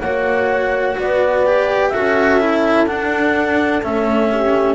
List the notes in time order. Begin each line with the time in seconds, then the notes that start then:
0.00 A#3 F#4 C#5 F#5
0.97 B3 B4 D5
1.46 G4
1.88 F#4 A4 E5
1.95 C#4
2.40 E4
2.87 D4 F#5
3.83 A3 C#4 E5
4.31 G4